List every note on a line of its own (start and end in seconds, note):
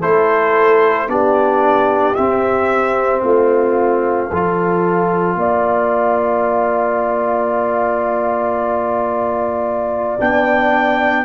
0.00 1.08 A3
0.00 1.08 E4
0.00 1.07 A4
0.00 1.09 C5
1.08 2.15 B3
1.08 2.16 D4
1.08 3.24 G4
1.08 2.15 D5
2.15 4.30 C4
2.15 3.22 C4
2.15 3.20 E5
3.20 4.29 A3
3.20 4.29 F4
3.20 10.17 F5
4.29 5.35 F3
4.29 10.20 F4
4.29 5.36 A4
5.35 10.17 A#3
5.35 11.25 D5
10.20 11.25 B3
10.20 11.25 D4
10.20 11.25 G5